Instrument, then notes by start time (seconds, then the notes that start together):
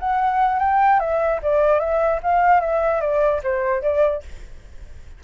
flute
0.00 F#5
0.60 G5
1.00 E5
1.43 D5
1.80 E5
2.23 F5
2.61 E5
3.01 D5
3.44 C5
3.83 D5